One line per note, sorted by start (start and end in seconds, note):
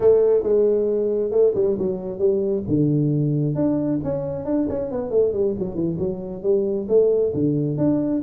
0.00 0.43 A3
0.43 1.31 G#3
1.31 1.53 A3
1.55 1.77 G3
1.78 2.19 F#3
2.19 2.63 G3
2.67 3.55 D3
3.55 3.99 D4
4.03 4.45 C#4
4.45 4.67 D4
4.69 4.91 C#4
4.91 5.10 B3
5.10 5.32 A3
5.33 5.55 G3
5.59 5.74 F#3
5.74 5.97 E3
5.98 6.42 F#3
6.42 6.87 G3
6.88 7.32 A3
7.34 7.77 D3
7.77 8.22 D4